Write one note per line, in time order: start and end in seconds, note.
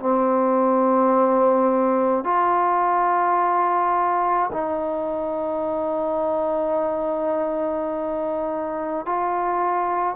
0.00 2.24 C4
2.24 4.51 F4
4.53 9.06 D#4
9.06 10.16 F4